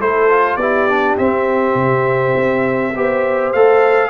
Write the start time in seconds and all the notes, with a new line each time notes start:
0.00 A3 E4 A4 C5
0.30 F4
0.57 B3 E4 G4 D5
0.89 D4
1.18 C4 E5
1.75 C3
2.37 C4
2.95 B3 G4 C5
3.53 A3 A4 F5